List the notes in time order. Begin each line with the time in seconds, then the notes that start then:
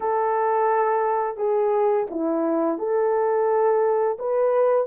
0.00 A4
1.36 G#4
2.10 E4
2.78 A4
4.19 B4